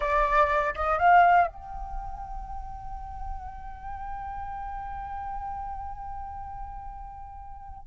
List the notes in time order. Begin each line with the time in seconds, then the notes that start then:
0.00 D5
0.75 D#5
0.98 F5
1.47 G5